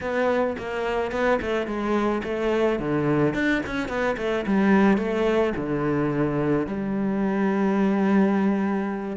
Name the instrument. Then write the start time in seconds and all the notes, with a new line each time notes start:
cello
0.01 B3
0.58 A#3
1.11 B3
1.41 A3
1.66 G#3
2.23 A3
2.79 D3
3.34 D4
3.66 C#4
3.88 B3
4.17 A3
4.46 G3
4.97 A3
5.56 D3
6.66 G3